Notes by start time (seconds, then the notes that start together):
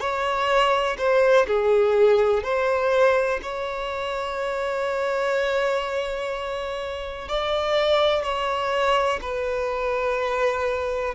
0.00 C#5
0.98 C5
1.47 G#4
2.43 C5
3.42 C#5
7.28 D5
8.23 C#5
9.21 B4